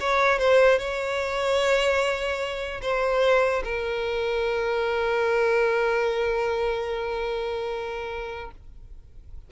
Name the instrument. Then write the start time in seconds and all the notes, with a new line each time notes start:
violin
0.00 C#5
0.39 C5
0.78 C#5
2.82 C5
3.64 A#4